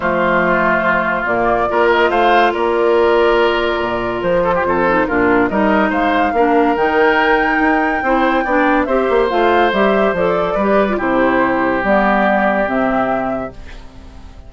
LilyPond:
<<
  \new Staff \with { instrumentName = "flute" } { \time 4/4 \tempo 4 = 142 c''2. d''4~ | d''8 dis''8 f''4 d''2~ | d''2 c''2 | ais'4 dis''4 f''2 |
g''1~ | g''4 e''4 f''4 e''4 | d''2 c''2 | d''2 e''2 | }
  \new Staff \with { instrumentName = "oboe" } { \time 4/4 f'1 | ais'4 c''4 ais'2~ | ais'2~ ais'8 a'16 g'16 a'4 | f'4 ais'4 c''4 ais'4~ |
ais'2. c''4 | d''4 c''2.~ | c''4 b'4 g'2~ | g'1 | }
  \new Staff \with { instrumentName = "clarinet" } { \time 4/4 a2. ais4 | f'1~ | f'2.~ f'8 dis'8 | d'4 dis'2 d'4 |
dis'2. e'4 | d'4 g'4 f'4 g'4 | a'4 g'8. f'16 e'2 | b2 c'2 | }
  \new Staff \with { instrumentName = "bassoon" } { \time 4/4 f2. ais,4 | ais4 a4 ais2~ | ais4 ais,4 f4 f,4 | ais,4 g4 gis4 ais4 |
dis2 dis'4 c'4 | b4 c'8 ais8 a4 g4 | f4 g4 c2 | g2 c2 | }
>>